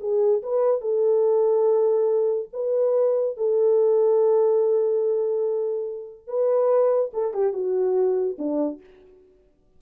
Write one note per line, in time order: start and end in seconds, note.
0.00 0.42 G#4
0.43 0.81 B4
0.81 2.49 A4
2.53 3.37 B4
3.37 6.27 A4
6.27 7.11 B4
7.13 7.33 A4
7.33 7.53 G4
7.53 8.37 F#4
8.38 8.80 D4